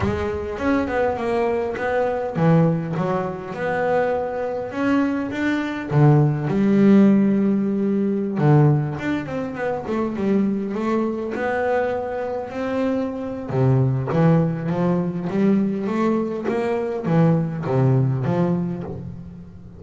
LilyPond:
\new Staff \with { instrumentName = "double bass" } { \time 4/4 \tempo 4 = 102 gis4 cis'8 b8 ais4 b4 | e4 fis4 b2 | cis'4 d'4 d4 g4~ | g2~ g16 d4 d'8 c'16~ |
c'16 b8 a8 g4 a4 b8.~ | b4~ b16 c'4.~ c'16 c4 | e4 f4 g4 a4 | ais4 e4 c4 f4 | }